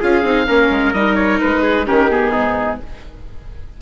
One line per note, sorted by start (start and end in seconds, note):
0.00 0.24 C#4
0.00 0.24 F4
0.00 0.47 G#4
0.00 0.93 F5
0.24 0.47 C4
0.24 0.47 D#4
0.47 0.70 A#3
0.47 0.94 C#4
0.47 1.62 A#4
0.70 0.93 G#3
0.93 1.40 G3
0.93 1.86 D#4
0.93 1.15 D#5
1.15 1.39 C#5
1.40 1.89 G#3
1.40 1.87 B4
1.62 1.86 G#4
1.86 2.35 D#3
1.86 2.10 C#4
1.86 2.32 G4
1.86 2.10 A#4
2.10 2.81 B3
2.10 2.80 G#4
2.32 2.82 G#2
2.32 2.78 D#4